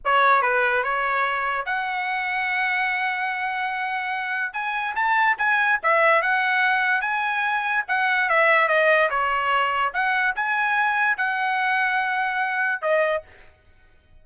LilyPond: \new Staff \with { instrumentName = "trumpet" } { \time 4/4 \tempo 4 = 145 cis''4 b'4 cis''2 | fis''1~ | fis''2. gis''4 | a''4 gis''4 e''4 fis''4~ |
fis''4 gis''2 fis''4 | e''4 dis''4 cis''2 | fis''4 gis''2 fis''4~ | fis''2. dis''4 | }